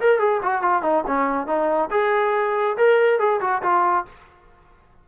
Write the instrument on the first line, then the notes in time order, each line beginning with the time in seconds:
trombone
0.00 A#4
0.19 G#4
0.42 F#4
0.62 F4
0.82 D#4
1.06 C#4
1.46 D#4
1.91 G#4
2.77 A#4
3.19 G#4
3.40 F#4
3.62 F4